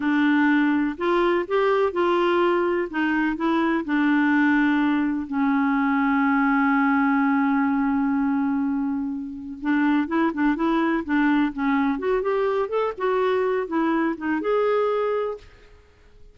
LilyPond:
\new Staff \with { instrumentName = "clarinet" } { \time 4/4 \tempo 4 = 125 d'2 f'4 g'4 | f'2 dis'4 e'4 | d'2. cis'4~ | cis'1~ |
cis'1 | d'4 e'8 d'8 e'4 d'4 | cis'4 fis'8 g'4 a'8 fis'4~ | fis'8 e'4 dis'8 gis'2 | }